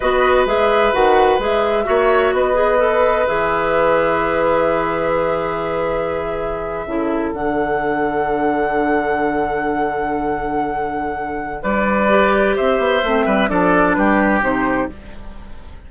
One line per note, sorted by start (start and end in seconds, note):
0.00 0.45 B3
0.00 0.47 F#4
0.00 1.84 B4
0.00 0.46 D#5
0.45 0.92 G#3
0.45 0.93 G#4
0.45 0.93 E5
0.93 1.38 D#3
0.93 1.39 F#4
0.93 1.40 F#5
1.38 1.85 G#3
1.38 1.84 G#4
1.38 2.34 E5
1.84 2.33 A#3
1.84 2.54 F#4
1.84 2.34 C#5
2.33 3.26 B3
2.33 6.86 B4
2.33 3.27 D#5
2.54 2.77 G#4
2.78 3.25 A4
3.27 6.86 E3
3.27 6.87 G#4
3.27 7.33 E5
6.86 7.32 C#3
6.86 7.34 E4
6.86 11.62 A4
7.32 11.62 D3
7.32 12.09 D4
7.32 11.63 F#5
11.62 12.56 G3
11.62 12.56 B4
11.62 12.56 D5
12.09 13.02 G4
12.56 12.78 C4
12.56 13.25 C5
12.56 13.49 E5
12.78 13.01 B3
13.03 13.26 A3
13.03 13.48 C4
13.25 13.49 G3
13.25 13.49 B4
13.48 13.96 F3
13.48 14.41 D4
13.48 13.96 A4
13.48 13.94 D5
13.94 14.41 G3
13.94 14.91 G4
13.94 14.40 B4
14.41 14.88 C3
14.41 14.88 D#4
14.41 14.89 C5